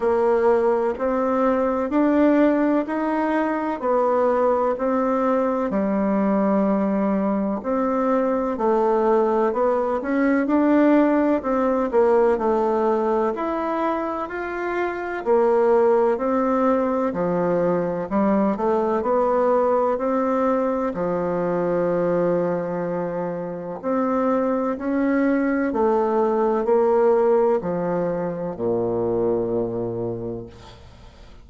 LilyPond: \new Staff \with { instrumentName = "bassoon" } { \time 4/4 \tempo 4 = 63 ais4 c'4 d'4 dis'4 | b4 c'4 g2 | c'4 a4 b8 cis'8 d'4 | c'8 ais8 a4 e'4 f'4 |
ais4 c'4 f4 g8 a8 | b4 c'4 f2~ | f4 c'4 cis'4 a4 | ais4 f4 ais,2 | }